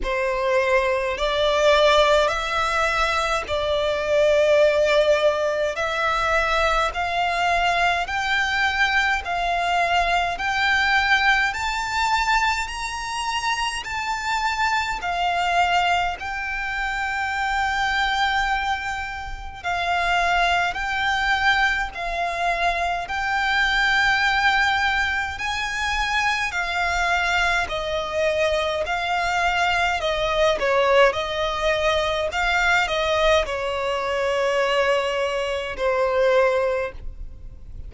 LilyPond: \new Staff \with { instrumentName = "violin" } { \time 4/4 \tempo 4 = 52 c''4 d''4 e''4 d''4~ | d''4 e''4 f''4 g''4 | f''4 g''4 a''4 ais''4 | a''4 f''4 g''2~ |
g''4 f''4 g''4 f''4 | g''2 gis''4 f''4 | dis''4 f''4 dis''8 cis''8 dis''4 | f''8 dis''8 cis''2 c''4 | }